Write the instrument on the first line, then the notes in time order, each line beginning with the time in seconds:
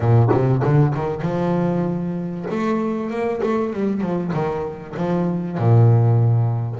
double bass
0.00 A#2
0.31 C3
0.63 D3
0.94 D#3
1.21 F3
2.50 A3
3.10 A#3
3.43 A3
3.73 G3
4.01 F3
4.33 D#3
4.97 F3
5.58 A#2